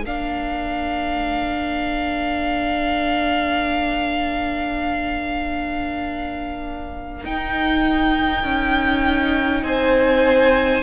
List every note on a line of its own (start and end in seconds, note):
0.00 7.24 A#3
0.00 7.23 D4
0.00 9.60 A#4
0.00 7.24 F5
7.23 10.83 D#4
7.23 8.43 D#4
7.23 9.64 G5
8.43 9.62 C#4
9.62 10.83 C4
9.62 10.83 C5
9.62 10.83 G#5